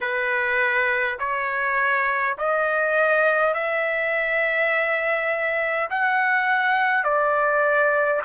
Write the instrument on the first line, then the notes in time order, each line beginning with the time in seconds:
trumpet
0.01 B4
1.19 C#5
2.38 D#5
3.53 E5
5.90 F#5
7.03 D5